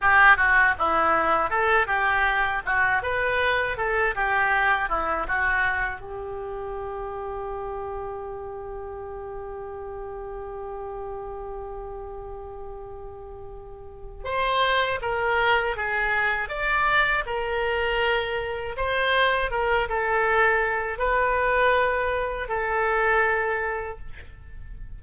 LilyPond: \new Staff \with { instrumentName = "oboe" } { \time 4/4 \tempo 4 = 80 g'8 fis'8 e'4 a'8 g'4 fis'8 | b'4 a'8 g'4 e'8 fis'4 | g'1~ | g'1~ |
g'2. c''4 | ais'4 gis'4 d''4 ais'4~ | ais'4 c''4 ais'8 a'4. | b'2 a'2 | }